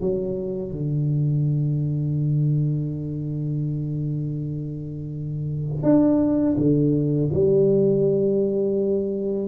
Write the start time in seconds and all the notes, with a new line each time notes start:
0.00 F#3
0.71 D3
5.82 D4
6.57 D3
7.33 G3